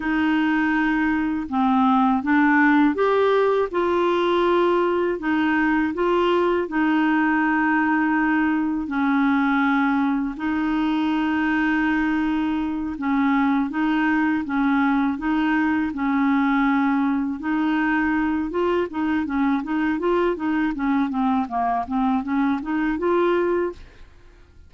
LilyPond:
\new Staff \with { instrumentName = "clarinet" } { \time 4/4 \tempo 4 = 81 dis'2 c'4 d'4 | g'4 f'2 dis'4 | f'4 dis'2. | cis'2 dis'2~ |
dis'4. cis'4 dis'4 cis'8~ | cis'8 dis'4 cis'2 dis'8~ | dis'4 f'8 dis'8 cis'8 dis'8 f'8 dis'8 | cis'8 c'8 ais8 c'8 cis'8 dis'8 f'4 | }